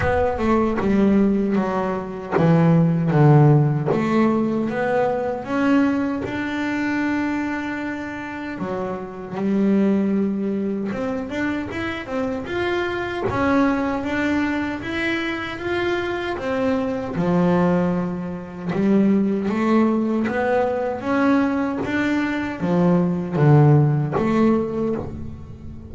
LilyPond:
\new Staff \with { instrumentName = "double bass" } { \time 4/4 \tempo 4 = 77 b8 a8 g4 fis4 e4 | d4 a4 b4 cis'4 | d'2. fis4 | g2 c'8 d'8 e'8 c'8 |
f'4 cis'4 d'4 e'4 | f'4 c'4 f2 | g4 a4 b4 cis'4 | d'4 f4 d4 a4 | }